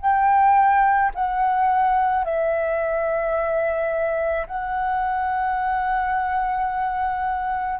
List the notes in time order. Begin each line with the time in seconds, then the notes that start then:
0.00 G5
1.14 F#5
2.24 E5
4.47 F#5